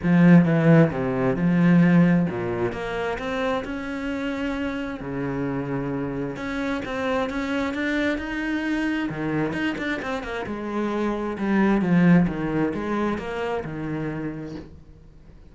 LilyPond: \new Staff \with { instrumentName = "cello" } { \time 4/4 \tempo 4 = 132 f4 e4 c4 f4~ | f4 ais,4 ais4 c'4 | cis'2. cis4~ | cis2 cis'4 c'4 |
cis'4 d'4 dis'2 | dis4 dis'8 d'8 c'8 ais8 gis4~ | gis4 g4 f4 dis4 | gis4 ais4 dis2 | }